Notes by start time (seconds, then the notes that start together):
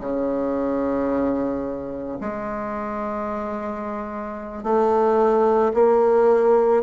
0.00 C#3
2.21 G#3
4.63 A3
5.74 A#3